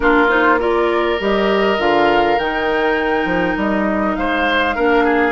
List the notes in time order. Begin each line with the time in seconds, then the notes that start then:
0.00 A#3 D4 F4 A#4
0.28 D#4 C5
0.59 F4 A#4 D5
1.19 G3 G4 D#5
1.78 D3 F4 F5
2.38 D#3 D#4 G5
3.24 F3
3.56 G3 D#5
4.15 G#3 C5 F5
4.75 A#3 D4 A#4
5.04 G#4